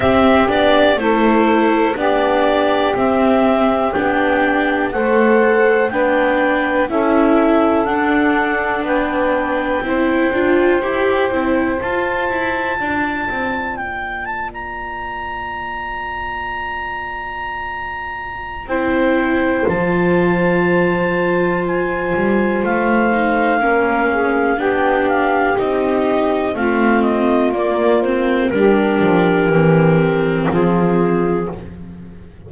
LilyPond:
<<
  \new Staff \with { instrumentName = "clarinet" } { \time 4/4 \tempo 4 = 61 e''8 d''8 c''4 d''4 e''4 | g''4 fis''4 g''4 e''4 | fis''4 g''2. | a''2 g''8 a''16 ais''4~ ais''16~ |
ais''2. g''4 | a''2 gis''4 f''4~ | f''4 g''8 f''8 dis''4 f''8 dis''8 | d''8 c''8 ais'2 gis'4 | }
  \new Staff \with { instrumentName = "saxophone" } { \time 4/4 g'4 a'4 g'2~ | g'4 c''4 b'4 a'4~ | a'4 b'4 c''2~ | c''4 d''2.~ |
d''2. c''4~ | c''1 | ais'8 gis'8 g'2 f'4~ | f'4 g'2 f'4 | }
  \new Staff \with { instrumentName = "viola" } { \time 4/4 c'8 d'8 e'4 d'4 c'4 | d'4 a'4 d'4 e'4 | d'2 e'8 f'8 g'8 e'8 | f'1~ |
f'2. e'4 | f'2.~ f'8 dis'8 | cis'4 d'4 dis'4 c'4 | ais8 c'8 d'4 c'2 | }
  \new Staff \with { instrumentName = "double bass" } { \time 4/4 c'8 b8 a4 b4 c'4 | b4 a4 b4 cis'4 | d'4 b4 c'8 d'8 e'8 c'8 | f'8 e'8 d'8 c'8 ais2~ |
ais2. c'4 | f2~ f8 g8 a4 | ais4 b4 c'4 a4 | ais4 g8 f8 e4 f4 | }
>>